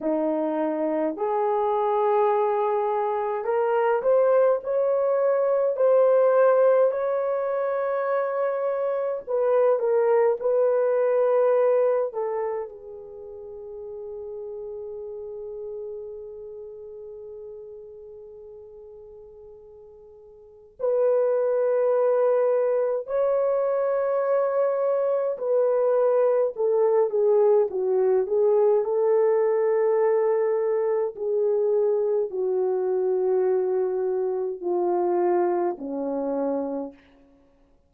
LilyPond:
\new Staff \with { instrumentName = "horn" } { \time 4/4 \tempo 4 = 52 dis'4 gis'2 ais'8 c''8 | cis''4 c''4 cis''2 | b'8 ais'8 b'4. a'8 gis'4~ | gis'1~ |
gis'2 b'2 | cis''2 b'4 a'8 gis'8 | fis'8 gis'8 a'2 gis'4 | fis'2 f'4 cis'4 | }